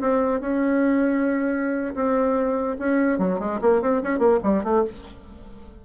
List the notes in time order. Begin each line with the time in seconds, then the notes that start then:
0.00 C4
0.40 C#4
1.94 C4
2.78 C#4
3.18 F#3
3.39 G#3
3.61 A#3
3.81 C4
4.02 C#4
4.18 A#3
4.43 G3
4.63 A3